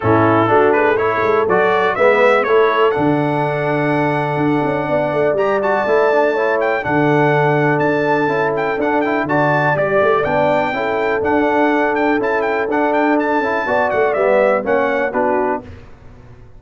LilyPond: <<
  \new Staff \with { instrumentName = "trumpet" } { \time 4/4 \tempo 4 = 123 a'4. b'8 cis''4 d''4 | e''4 cis''4 fis''2~ | fis''2. ais''8 a''8~ | a''4. g''8 fis''2 |
a''4. g''8 fis''8 g''8 a''4 | d''4 g''2 fis''4~ | fis''8 g''8 a''8 g''8 fis''8 g''8 a''4~ | a''8 fis''8 e''4 fis''4 b'4 | }
  \new Staff \with { instrumentName = "horn" } { \time 4/4 e'4 fis'8 gis'8 a'2 | b'4 a'2.~ | a'2 d''2~ | d''4 cis''4 a'2~ |
a'2. d''4~ | d''2 a'2~ | a'1 | d''2 cis''4 fis'4 | }
  \new Staff \with { instrumentName = "trombone" } { \time 4/4 cis'4 d'4 e'4 fis'4 | b4 e'4 d'2~ | d'2. g'8 fis'8 | e'8 d'8 e'4 d'2~ |
d'4 e'4 d'8 e'8 fis'4 | g'4 d'4 e'4 d'4~ | d'4 e'4 d'4. e'8 | fis'4 b4 cis'4 d'4 | }
  \new Staff \with { instrumentName = "tuba" } { \time 4/4 a,4 a4. gis8 fis4 | gis4 a4 d2~ | d4 d'8 cis'8 b8 a8 g4 | a2 d2 |
d'4 cis'4 d'4 d4 | g8 a8 b4 cis'4 d'4~ | d'4 cis'4 d'4. cis'8 | b8 a8 g4 ais4 b4 | }
>>